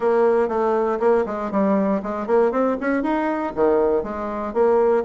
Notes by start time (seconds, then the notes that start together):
0.00 A#3
0.48 A3
0.99 A#3
1.26 G#3
1.51 G3
2.03 G#3
2.26 A#3
2.51 C4
2.80 C#4
3.03 D#4
3.55 D#3
4.03 G#3
4.53 A#3